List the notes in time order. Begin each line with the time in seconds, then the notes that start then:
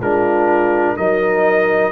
0.00 G#3 D4 F4 A#4
0.96 F#3 D#4 A#4 D#5